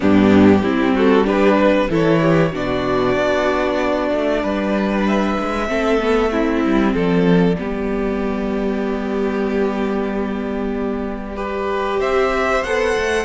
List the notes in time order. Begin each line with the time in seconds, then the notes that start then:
0.00 G2 B3 D4 G4
0.62 G3 C4 E4
0.94 F#4 A4
1.24 D4 G4 B4
1.58 B4
1.89 E3 E4 A4 C#5
2.21 G4
2.52 B2 D4 F#4 D5
3.16 B3
4.11 A3
4.41 G3 B4
5.07 E5
5.39 G#3
5.67 A3 C4 A4
6.00 B3
6.29 C4 E4
6.64 G3
6.93 F3 A4 D5
7.57 G3 B3 G4
11.36 G4 B4
11.99 C4 C5 E5
12.63 B3 A4 F#5
12.97 A3